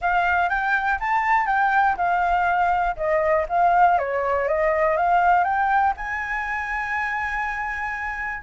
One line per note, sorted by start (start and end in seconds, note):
0.01 0.49 F5
0.49 0.98 G5
0.99 1.46 A5
1.46 1.96 G5
1.96 2.95 F5
2.96 3.46 D#5
3.48 3.98 F5
3.98 4.47 C#5
4.47 4.97 D#5
4.97 5.44 F5
5.44 5.93 G5
5.96 8.42 G#5